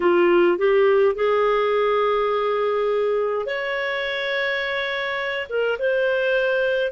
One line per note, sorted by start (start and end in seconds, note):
0.00 0.58 F4
0.58 1.15 G4
1.15 3.46 G#4
3.46 5.48 C#5
5.49 5.77 A#4
5.78 6.92 C5